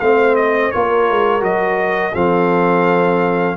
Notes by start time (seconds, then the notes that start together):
0.00 A3 C4 C5 F5
0.36 D#5
0.72 A#3 F4 A#4 C#5
1.11 G#3
1.41 F#3 F#4 D#5
2.14 F3 C4 A4 F5